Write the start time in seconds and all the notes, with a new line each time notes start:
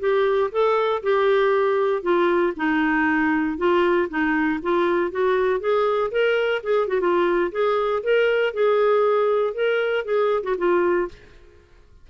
0.00 G4
0.52 A4
1.04 G4
2.03 F4
2.57 D#4
3.58 F4
4.10 D#4
4.63 F4
5.12 F#4
5.60 G#4
6.12 A#4
6.64 G#4
6.88 F#4
7.01 F4
7.52 G#4
8.04 A#4
8.54 G#4
9.54 A#4
10.05 G#4
10.44 F#4
10.58 F4